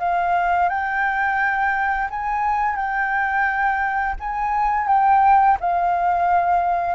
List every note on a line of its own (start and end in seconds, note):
0.00 0.69 F5
0.69 2.09 G5
2.11 2.76 G#5
2.76 4.15 G5
4.20 4.88 G#5
4.88 5.58 G5
5.61 6.95 F5